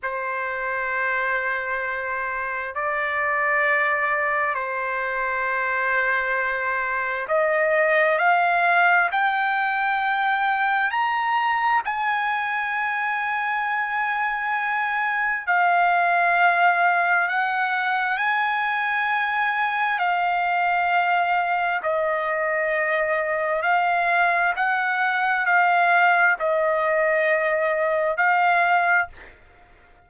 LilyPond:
\new Staff \with { instrumentName = "trumpet" } { \time 4/4 \tempo 4 = 66 c''2. d''4~ | d''4 c''2. | dis''4 f''4 g''2 | ais''4 gis''2.~ |
gis''4 f''2 fis''4 | gis''2 f''2 | dis''2 f''4 fis''4 | f''4 dis''2 f''4 | }